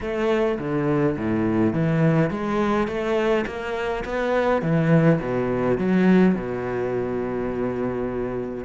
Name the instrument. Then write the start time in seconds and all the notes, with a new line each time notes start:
cello
0.00 A3
0.58 D3
1.17 A2
1.73 E3
2.30 G#3
2.87 A3
3.46 A#3
4.05 B3
4.62 E3
5.20 B2
5.77 F#3
6.34 B2